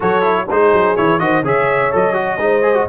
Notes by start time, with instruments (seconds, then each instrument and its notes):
0.00 tuba F#3, trombone F#4, horn A4, trumpet C#5
0.22 trombone E4
0.49 tuba G#3, trombone D#4, horn G#4, trumpet C5
0.73 tuba F#3
0.96 tuba E3, trombone E4, trumpet C#5
1.19 tuba D#3, trombone F#4, horn C5, trumpet D#5
1.42 tuba C#3, trombone G#4, horn C#5, trumpet E5
1.91 tuba F#3, trombone A4, trumpet D#5
2.13 trombone F#4
2.37 tuba G#3, trombone D#4, horn C5
2.62 trombone G#4
2.74 trombone F#4